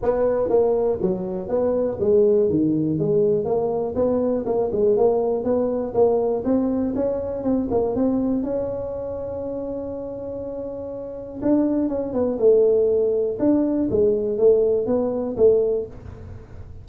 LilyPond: \new Staff \with { instrumentName = "tuba" } { \time 4/4 \tempo 4 = 121 b4 ais4 fis4 b4 | gis4 dis4 gis4 ais4 | b4 ais8 gis8 ais4 b4 | ais4 c'4 cis'4 c'8 ais8 |
c'4 cis'2.~ | cis'2. d'4 | cis'8 b8 a2 d'4 | gis4 a4 b4 a4 | }